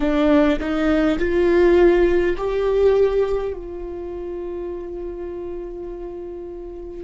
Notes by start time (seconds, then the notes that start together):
0.00 D4
0.59 D#4
1.18 F4
2.37 G4
3.53 F4